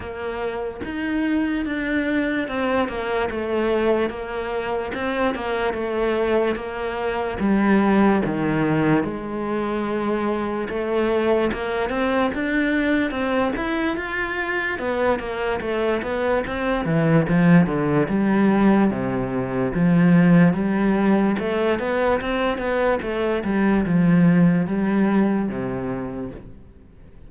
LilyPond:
\new Staff \with { instrumentName = "cello" } { \time 4/4 \tempo 4 = 73 ais4 dis'4 d'4 c'8 ais8 | a4 ais4 c'8 ais8 a4 | ais4 g4 dis4 gis4~ | gis4 a4 ais8 c'8 d'4 |
c'8 e'8 f'4 b8 ais8 a8 b8 | c'8 e8 f8 d8 g4 c4 | f4 g4 a8 b8 c'8 b8 | a8 g8 f4 g4 c4 | }